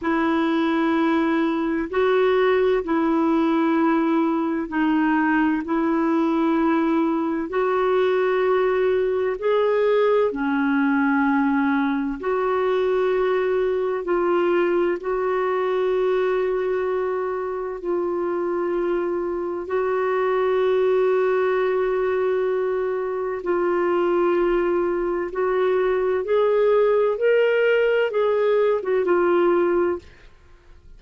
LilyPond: \new Staff \with { instrumentName = "clarinet" } { \time 4/4 \tempo 4 = 64 e'2 fis'4 e'4~ | e'4 dis'4 e'2 | fis'2 gis'4 cis'4~ | cis'4 fis'2 f'4 |
fis'2. f'4~ | f'4 fis'2.~ | fis'4 f'2 fis'4 | gis'4 ais'4 gis'8. fis'16 f'4 | }